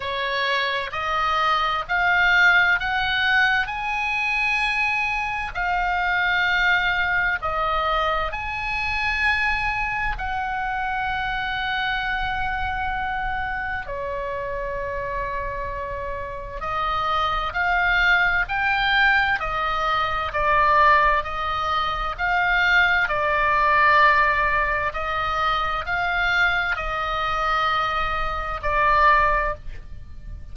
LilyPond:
\new Staff \with { instrumentName = "oboe" } { \time 4/4 \tempo 4 = 65 cis''4 dis''4 f''4 fis''4 | gis''2 f''2 | dis''4 gis''2 fis''4~ | fis''2. cis''4~ |
cis''2 dis''4 f''4 | g''4 dis''4 d''4 dis''4 | f''4 d''2 dis''4 | f''4 dis''2 d''4 | }